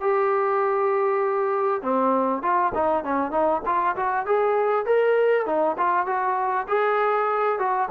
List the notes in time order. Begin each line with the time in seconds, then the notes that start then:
0.00 G4
1.82 C4
2.42 F4
2.74 D#4
3.04 C#4
3.31 D#4
3.65 F4
3.96 F#4
4.26 G#4
4.85 A#4
5.46 D#4
5.77 F4
6.06 F#4
6.68 G#4
7.58 F#4